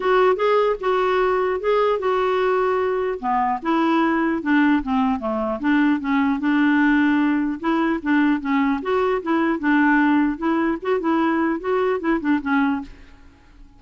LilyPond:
\new Staff \with { instrumentName = "clarinet" } { \time 4/4 \tempo 4 = 150 fis'4 gis'4 fis'2 | gis'4 fis'2. | b4 e'2 d'4 | c'4 a4 d'4 cis'4 |
d'2. e'4 | d'4 cis'4 fis'4 e'4 | d'2 e'4 fis'8 e'8~ | e'4 fis'4 e'8 d'8 cis'4 | }